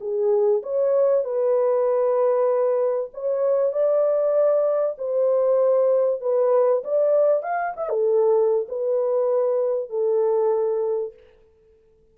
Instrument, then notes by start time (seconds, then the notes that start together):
horn
0.00 G#4
0.62 C#5
1.24 B4
3.13 C#5
3.72 D5
4.97 C5
6.21 B4
6.84 D5
7.43 F5
7.76 E5
7.89 A4
8.68 B4
9.89 A4